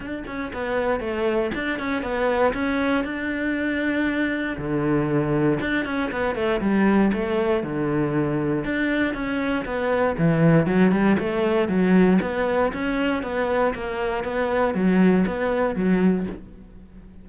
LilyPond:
\new Staff \with { instrumentName = "cello" } { \time 4/4 \tempo 4 = 118 d'8 cis'8 b4 a4 d'8 cis'8 | b4 cis'4 d'2~ | d'4 d2 d'8 cis'8 | b8 a8 g4 a4 d4~ |
d4 d'4 cis'4 b4 | e4 fis8 g8 a4 fis4 | b4 cis'4 b4 ais4 | b4 fis4 b4 fis4 | }